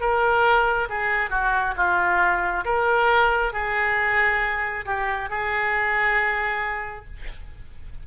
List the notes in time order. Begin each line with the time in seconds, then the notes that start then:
0.00 A#4
0.89 G#4
1.30 F#4
1.76 F4
2.65 A#4
3.53 G#4
4.85 G4
5.29 G#4